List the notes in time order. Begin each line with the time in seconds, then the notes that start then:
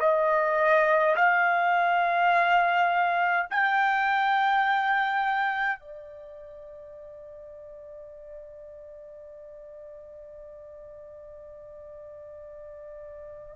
0.00 D#5
1.16 F5
3.51 G5
5.80 D5